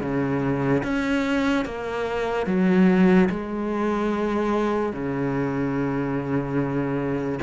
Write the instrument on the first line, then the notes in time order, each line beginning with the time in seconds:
cello
0.00 C#3
0.83 C#4
1.65 A#3
2.46 F#3
3.29 G#3
4.92 C#3